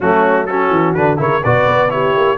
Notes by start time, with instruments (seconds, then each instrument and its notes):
0.00 tuba F#3, trombone A3, horn C#4, trumpet F#4
0.46 trombone C#4, horn F#4, trumpet A4
0.70 tuba E3
0.94 tuba D3, trombone D4, trumpet B4
1.17 tuba C#3, trombone E4, horn A#4, trumpet C#5
1.43 tuba B2, trombone F#4, horn B4, trumpet D5
1.67 tuba B3
1.89 trombone E4, horn G4, trumpet C#5
2.16 tuba A#3